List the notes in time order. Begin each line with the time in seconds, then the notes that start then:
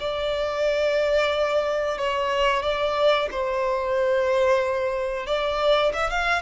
0.00 D5
1.98 C#5
2.63 D5
3.31 C5
5.26 D5
5.93 E5
6.10 F5